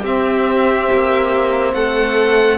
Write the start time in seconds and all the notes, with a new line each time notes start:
0.00 C4 G4 E5
0.92 A#3
1.73 A3 A4 F#5